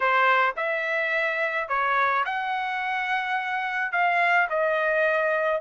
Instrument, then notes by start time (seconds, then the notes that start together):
trumpet
0.00 C5
0.56 E5
1.68 C#5
2.25 F#5
3.92 F5
4.49 D#5